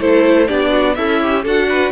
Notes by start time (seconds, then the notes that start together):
0.00 A3 E4 A4 C5
0.48 B3 D4 G4 D5
0.70 F#4
0.95 C#4 E4 A4 E5
1.22 G4
1.43 D4 F#4 A4 F#5
1.69 B4